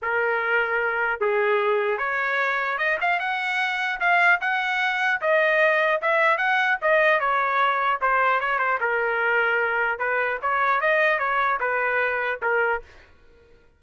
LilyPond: \new Staff \with { instrumentName = "trumpet" } { \time 4/4 \tempo 4 = 150 ais'2. gis'4~ | gis'4 cis''2 dis''8 f''8 | fis''2 f''4 fis''4~ | fis''4 dis''2 e''4 |
fis''4 dis''4 cis''2 | c''4 cis''8 c''8 ais'2~ | ais'4 b'4 cis''4 dis''4 | cis''4 b'2 ais'4 | }